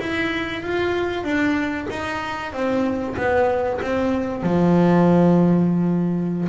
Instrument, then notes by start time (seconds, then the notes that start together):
double bass
0.00 E4
0.62 F4
1.23 D4
1.90 D#4
2.52 C4
3.17 B3
3.81 C4
4.42 F3